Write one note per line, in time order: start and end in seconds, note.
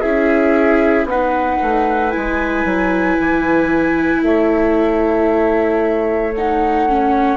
0.00 1.04 C#4
0.00 1.09 E4
0.00 1.06 G#4
0.00 1.05 E5
1.04 1.57 B3
1.04 4.25 B4
1.04 2.11 F#5
1.10 2.11 D#4
1.61 2.14 A3
2.11 2.64 G#3
2.11 6.32 E4
2.11 4.21 G#5
2.64 3.17 F#3
3.19 4.21 E3
4.21 7.36 A3
4.21 7.36 C#5
4.21 6.34 E5
6.34 6.88 D#4
6.34 7.36 F#5
6.88 7.36 C#4